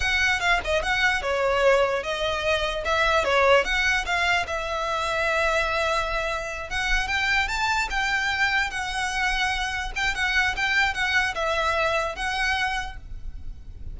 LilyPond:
\new Staff \with { instrumentName = "violin" } { \time 4/4 \tempo 4 = 148 fis''4 f''8 dis''8 fis''4 cis''4~ | cis''4 dis''2 e''4 | cis''4 fis''4 f''4 e''4~ | e''1~ |
e''8 fis''4 g''4 a''4 g''8~ | g''4. fis''2~ fis''8~ | fis''8 g''8 fis''4 g''4 fis''4 | e''2 fis''2 | }